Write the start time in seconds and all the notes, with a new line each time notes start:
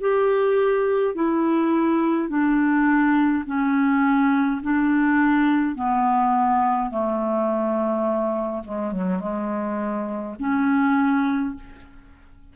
0.00 G4
1.15 E4
2.29 D4
3.46 C#4
4.63 D4
5.75 B3
6.90 A3
8.64 G#3
8.92 F#3
9.19 G#3
10.40 C#4